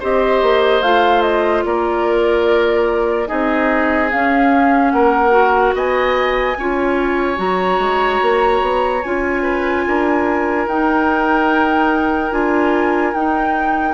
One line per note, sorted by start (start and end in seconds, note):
0.00 0.42 C4
0.00 0.83 G4
0.00 1.64 C5
0.00 0.82 D#5
0.42 0.82 A#3
0.82 1.64 A3
0.82 3.27 F4
0.82 1.22 F5
1.22 1.63 D#5
1.65 3.29 A#3
1.65 3.28 A#4
1.65 3.27 D5
3.27 4.13 C4
3.27 4.09 D#4
3.27 4.93 G#4
3.27 4.10 D#5
4.10 5.30 C#4
4.10 4.92 C#4
4.10 4.91 F5
4.91 5.74 A#3
4.91 5.75 A#4
4.91 5.73 F#5
5.30 6.54 F#4
5.74 6.56 B3
5.74 6.57 D#5
5.74 7.39 G#5
6.58 7.39 C#4
6.58 7.36 F4
6.58 9.43 C#5
7.36 7.79 F#3
7.36 9.00 F#4
7.36 9.03 A#5
7.79 8.20 G#3
8.22 8.61 A#3
8.61 9.03 B3
9.03 9.87 C#4
9.03 10.69 F4
9.03 10.67 G#5
9.43 9.84 B4
9.87 10.67 D4
9.87 13.94 A#4
10.67 12.31 D#4
10.67 12.32 G5
12.31 13.13 D4
12.31 13.13 F4
12.31 13.14 G#5
13.14 13.94 D#4
13.14 13.94 G5